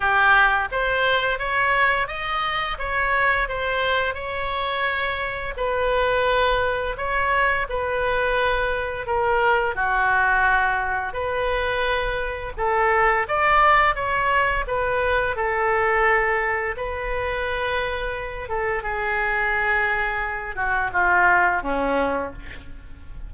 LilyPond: \new Staff \with { instrumentName = "oboe" } { \time 4/4 \tempo 4 = 86 g'4 c''4 cis''4 dis''4 | cis''4 c''4 cis''2 | b'2 cis''4 b'4~ | b'4 ais'4 fis'2 |
b'2 a'4 d''4 | cis''4 b'4 a'2 | b'2~ b'8 a'8 gis'4~ | gis'4. fis'8 f'4 cis'4 | }